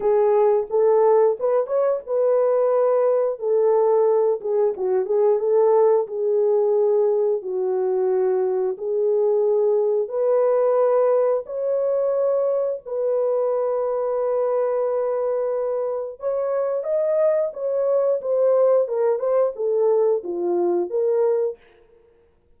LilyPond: \new Staff \with { instrumentName = "horn" } { \time 4/4 \tempo 4 = 89 gis'4 a'4 b'8 cis''8 b'4~ | b'4 a'4. gis'8 fis'8 gis'8 | a'4 gis'2 fis'4~ | fis'4 gis'2 b'4~ |
b'4 cis''2 b'4~ | b'1 | cis''4 dis''4 cis''4 c''4 | ais'8 c''8 a'4 f'4 ais'4 | }